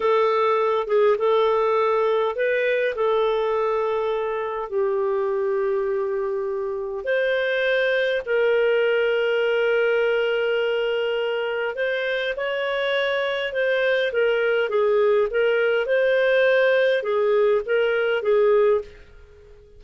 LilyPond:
\new Staff \with { instrumentName = "clarinet" } { \time 4/4 \tempo 4 = 102 a'4. gis'8 a'2 | b'4 a'2. | g'1 | c''2 ais'2~ |
ais'1 | c''4 cis''2 c''4 | ais'4 gis'4 ais'4 c''4~ | c''4 gis'4 ais'4 gis'4 | }